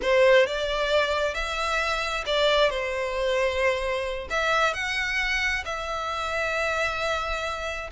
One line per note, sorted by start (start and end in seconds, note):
0.01 0.46 C5
0.46 1.34 D5
1.34 2.24 E5
2.26 2.69 D5
2.69 4.28 C5
4.30 4.73 E5
4.73 5.63 F#5
5.65 7.90 E5